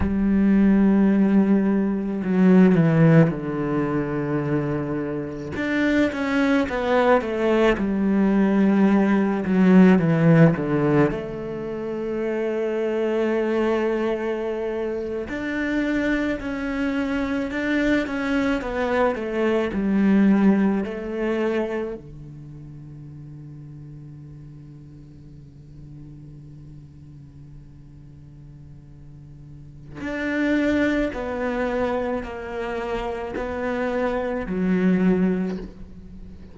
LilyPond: \new Staff \with { instrumentName = "cello" } { \time 4/4 \tempo 4 = 54 g2 fis8 e8 d4~ | d4 d'8 cis'8 b8 a8 g4~ | g8 fis8 e8 d8 a2~ | a4.~ a16 d'4 cis'4 d'16~ |
d'16 cis'8 b8 a8 g4 a4 d16~ | d1~ | d2. d'4 | b4 ais4 b4 fis4 | }